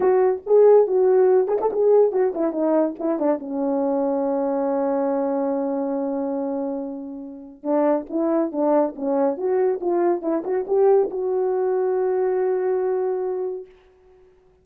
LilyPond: \new Staff \with { instrumentName = "horn" } { \time 4/4 \tempo 4 = 141 fis'4 gis'4 fis'4. gis'16 a'16 | gis'4 fis'8 e'8 dis'4 e'8 d'8 | cis'1~ | cis'1~ |
cis'2 d'4 e'4 | d'4 cis'4 fis'4 f'4 | e'8 fis'8 g'4 fis'2~ | fis'1 | }